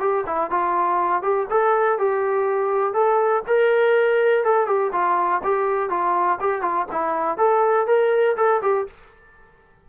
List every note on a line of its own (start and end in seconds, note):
0.00 0.25 G4
0.26 0.50 E4
0.50 1.22 F4
1.22 1.47 G4
1.50 1.99 A4
1.99 2.94 G4
2.94 3.43 A4
3.47 4.44 A#4
4.44 4.67 A4
4.67 4.91 G4
4.92 5.41 F4
5.44 5.89 G4
5.89 6.39 F4
6.40 6.61 G4
6.61 6.86 F4
6.91 7.37 E4
7.37 7.87 A4
7.87 8.36 A#4
8.37 8.61 A4
8.62 8.87 G4